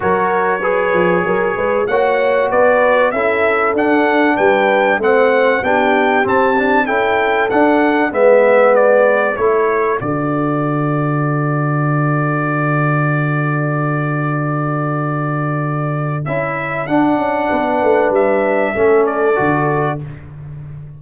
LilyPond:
<<
  \new Staff \with { instrumentName = "trumpet" } { \time 4/4 \tempo 4 = 96 cis''2. fis''4 | d''4 e''4 fis''4 g''4 | fis''4 g''4 a''4 g''4 | fis''4 e''4 d''4 cis''4 |
d''1~ | d''1~ | d''2 e''4 fis''4~ | fis''4 e''4. d''4. | }
  \new Staff \with { instrumentName = "horn" } { \time 4/4 ais'4 b'4 ais'8 b'8 cis''4 | b'4 a'2 b'4 | c''4 g'2 a'4~ | a'4 b'2 a'4~ |
a'1~ | a'1~ | a'1 | b'2 a'2 | }
  \new Staff \with { instrumentName = "trombone" } { \time 4/4 fis'4 gis'2 fis'4~ | fis'4 e'4 d'2 | c'4 d'4 c'8 d'8 e'4 | d'4 b2 e'4 |
fis'1~ | fis'1~ | fis'2 e'4 d'4~ | d'2 cis'4 fis'4 | }
  \new Staff \with { instrumentName = "tuba" } { \time 4/4 fis4. f8 fis8 gis8 ais4 | b4 cis'4 d'4 g4 | a4 b4 c'4 cis'4 | d'4 gis2 a4 |
d1~ | d1~ | d2 cis'4 d'8 cis'8 | b8 a8 g4 a4 d4 | }
>>